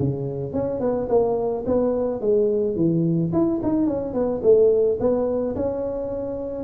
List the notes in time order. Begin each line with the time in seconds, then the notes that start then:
0.00 C#3
0.53 C#4
0.81 B3
1.10 A#3
1.67 B3
2.21 G#3
2.76 E3
3.33 E4
3.63 D#4
3.87 C#4
4.14 B3
4.43 A3
5.00 B3
5.56 C#4